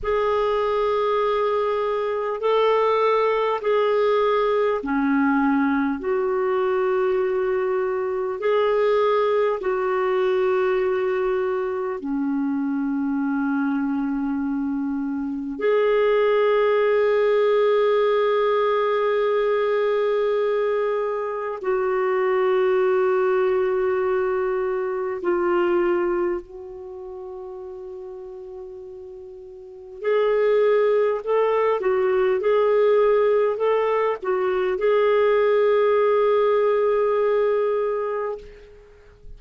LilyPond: \new Staff \with { instrumentName = "clarinet" } { \time 4/4 \tempo 4 = 50 gis'2 a'4 gis'4 | cis'4 fis'2 gis'4 | fis'2 cis'2~ | cis'4 gis'2.~ |
gis'2 fis'2~ | fis'4 f'4 fis'2~ | fis'4 gis'4 a'8 fis'8 gis'4 | a'8 fis'8 gis'2. | }